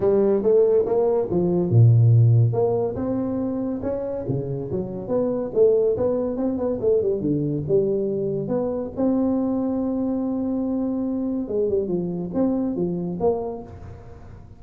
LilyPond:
\new Staff \with { instrumentName = "tuba" } { \time 4/4 \tempo 4 = 141 g4 a4 ais4 f4 | ais,2 ais4 c'4~ | c'4 cis'4 cis4 fis4 | b4 a4 b4 c'8 b8 |
a8 g8 d4 g2 | b4 c'2.~ | c'2. gis8 g8 | f4 c'4 f4 ais4 | }